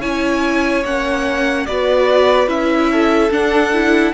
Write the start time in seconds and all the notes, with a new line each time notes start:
0.00 C#4 E4 C#5 G#5
0.84 A#3 C#4 F#5
1.66 B3 F#4 B4 D5
2.48 C#4 E4 E5
2.91 A4
3.30 D4 F#5
3.74 E4